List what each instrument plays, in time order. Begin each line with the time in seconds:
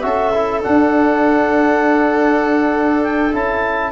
0.00 tuba C#4, trombone F#4, viola A4, clarinet E5
0.34 trombone E4
0.62 trombone D4, tuba D4, clarinet F#5
3.03 clarinet G5
3.32 tuba C#4, trombone E4, clarinet A5